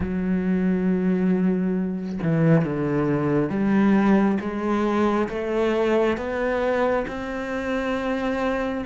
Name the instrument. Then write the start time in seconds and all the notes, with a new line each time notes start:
cello
0.00 F#3
2.22 E3
2.65 D3
3.49 G3
4.40 G#3
5.29 A3
6.17 B3
7.07 C4